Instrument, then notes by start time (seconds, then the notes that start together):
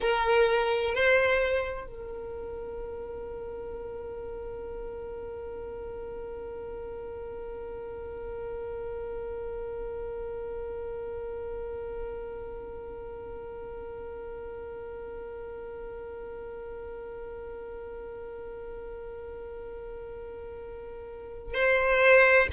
violin
0.00 A#4
0.94 C5
1.86 A#4
21.54 C5